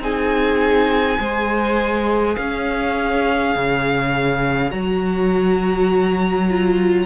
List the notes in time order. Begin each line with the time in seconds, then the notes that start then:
0.00 C4 D#4 G#4 G#5
1.19 G#3 G#4 C5
2.36 C#4 C#5 F5
3.56 C#3
4.70 F#3 F#4 A#5
6.50 F4